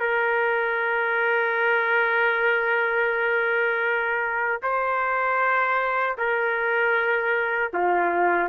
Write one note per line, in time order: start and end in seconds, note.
0.00 4.62 A#4
4.63 6.17 C5
6.18 7.72 A#4
7.73 8.49 F4